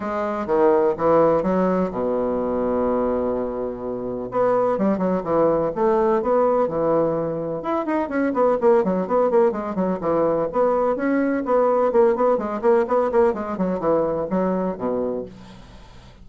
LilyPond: \new Staff \with { instrumentName = "bassoon" } { \time 4/4 \tempo 4 = 126 gis4 dis4 e4 fis4 | b,1~ | b,4 b4 g8 fis8 e4 | a4 b4 e2 |
e'8 dis'8 cis'8 b8 ais8 fis8 b8 ais8 | gis8 fis8 e4 b4 cis'4 | b4 ais8 b8 gis8 ais8 b8 ais8 | gis8 fis8 e4 fis4 b,4 | }